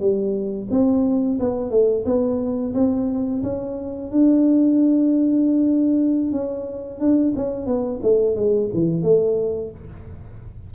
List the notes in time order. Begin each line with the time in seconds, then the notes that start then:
0.00 G3
0.71 C4
1.40 B3
1.71 A3
2.05 B3
2.74 C4
3.43 C#4
4.11 D4
6.32 C#4
7.00 D4
7.36 C#4
7.66 B3
8.03 A3
8.36 G#3
8.74 E3
9.02 A3